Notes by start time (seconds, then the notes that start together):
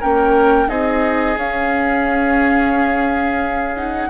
0.00 A#3 C#4 A#4 G5
0.68 C4 D#4 G#4 D#5
1.36 C#4 F5
3.76 D#4 F#5